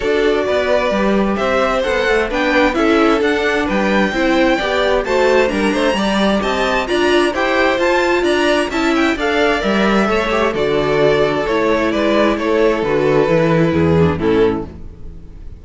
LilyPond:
<<
  \new Staff \with { instrumentName = "violin" } { \time 4/4 \tempo 4 = 131 d''2. e''4 | fis''4 g''4 e''4 fis''4 | g''2. a''4 | ais''2 a''4 ais''4 |
g''4 a''4 ais''4 a''8 g''8 | f''4 e''2 d''4~ | d''4 cis''4 d''4 cis''4 | b'2. a'4 | }
  \new Staff \with { instrumentName = "violin" } { \time 4/4 a'4 b'2 c''4~ | c''4 b'4 a'2 | b'4 c''4 d''4 c''4 | ais'8 c''8 d''4 dis''4 d''4 |
c''2 d''4 e''4 | d''2 cis''4 a'4~ | a'2 b'4 a'4~ | a'2 gis'4 e'4 | }
  \new Staff \with { instrumentName = "viola" } { \time 4/4 fis'2 g'2 | a'4 d'4 e'4 d'4~ | d'4 e'4 g'4 fis'4 | d'4 g'2 f'4 |
g'4 f'2 e'4 | a'4 ais'4 a'8 g'8 fis'4~ | fis'4 e'2. | fis'4 e'4. d'8 cis'4 | }
  \new Staff \with { instrumentName = "cello" } { \time 4/4 d'4 b4 g4 c'4 | b8 a8 b4 cis'4 d'4 | g4 c'4 b4 a4 | g8 a8 g4 c'4 d'4 |
e'4 f'4 d'4 cis'4 | d'4 g4 a4 d4~ | d4 a4 gis4 a4 | d4 e4 e,4 a,4 | }
>>